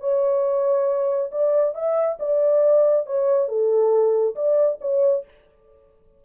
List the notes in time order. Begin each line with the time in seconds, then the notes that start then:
0.00 C#5
1.31 D5
1.75 E5
2.20 D5
3.06 C#5
3.48 A4
4.36 D5
4.81 C#5